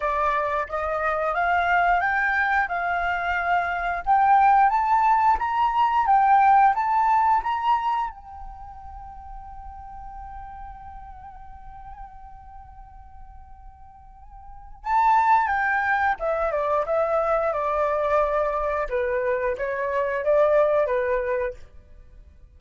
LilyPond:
\new Staff \with { instrumentName = "flute" } { \time 4/4 \tempo 4 = 89 d''4 dis''4 f''4 g''4 | f''2 g''4 a''4 | ais''4 g''4 a''4 ais''4 | g''1~ |
g''1~ | g''2 a''4 g''4 | e''8 d''8 e''4 d''2 | b'4 cis''4 d''4 b'4 | }